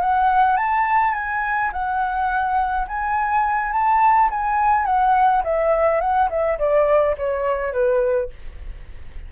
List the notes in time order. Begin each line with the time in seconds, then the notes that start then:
0.00 F#5
0.56 A5
1.14 G#5
1.72 F#5
2.88 G#5
3.72 A5
4.30 G#5
4.85 F#5
5.44 E5
6.00 F#5
6.29 E5
6.58 D5
7.17 C#5
7.72 B4